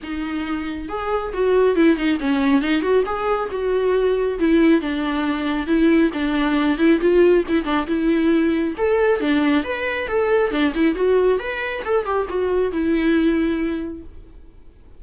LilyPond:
\new Staff \with { instrumentName = "viola" } { \time 4/4 \tempo 4 = 137 dis'2 gis'4 fis'4 | e'8 dis'8 cis'4 dis'8 fis'8 gis'4 | fis'2 e'4 d'4~ | d'4 e'4 d'4. e'8 |
f'4 e'8 d'8 e'2 | a'4 d'4 b'4 a'4 | d'8 e'8 fis'4 b'4 a'8 g'8 | fis'4 e'2. | }